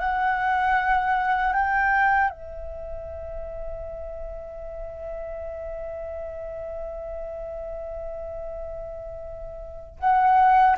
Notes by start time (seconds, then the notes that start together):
0.00 F#5
1.53 G5
2.30 E5
10.00 F#5